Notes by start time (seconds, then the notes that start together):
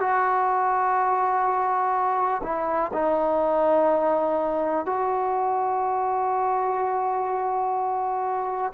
0.00 F#4
2.44 E4
2.94 D#4
4.86 F#4